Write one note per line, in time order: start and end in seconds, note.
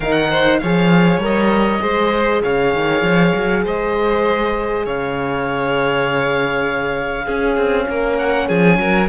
0.00 0.60 D#3
0.00 0.62 D#4
0.00 0.29 A#4
0.00 0.58 F#5
0.30 0.60 C5
0.58 1.18 F3
0.58 1.21 G#4
0.58 1.81 C#5
0.58 1.19 F5
1.18 1.78 G3
1.18 1.80 A#4
1.24 2.43 D#5
1.80 2.42 G#3
1.80 7.26 G#4
1.80 2.42 C5
2.42 2.74 C#3
2.42 3.63 C#5
2.42 3.64 F5
2.74 3.02 D#3
3.02 3.32 F3
3.35 3.65 F#3
3.64 4.86 G#3
3.64 4.85 C5
3.64 4.86 D#5
4.85 7.26 C#3
4.85 7.25 C#5
4.85 8.18 F5
7.25 7.56 C#4
7.25 9.08 C#4
7.25 7.85 G#4
7.56 7.86 C4
7.88 8.49 A#3
7.88 8.48 A#4
8.18 8.48 F#5
8.48 8.77 F3
8.48 8.78 G#4
8.48 9.08 G#5
8.77 9.08 F#3
8.77 9.08 A#4